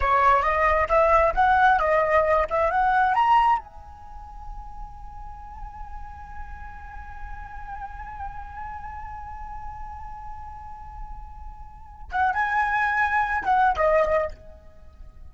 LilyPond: \new Staff \with { instrumentName = "flute" } { \time 4/4 \tempo 4 = 134 cis''4 dis''4 e''4 fis''4 | dis''4. e''8 fis''4 ais''4 | gis''1~ | gis''1~ |
gis''1~ | gis''1~ | gis''2. fis''8 gis''8~ | gis''2 fis''8. dis''4~ dis''16 | }